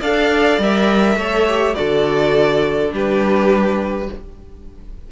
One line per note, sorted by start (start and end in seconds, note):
0.00 0.58 D4
0.00 0.61 A4
0.00 1.17 D5
0.00 0.61 F5
0.58 1.15 G3
0.58 1.19 A#4
0.58 1.75 E5
1.15 1.73 A3
1.15 1.48 A4
1.15 1.76 C#5
1.48 1.75 G4
1.75 2.92 D3
1.75 2.89 F#4
1.75 2.93 A4
1.75 2.91 D5
2.89 4.08 G3
2.89 4.06 D4
2.89 4.10 G4
2.89 4.11 B4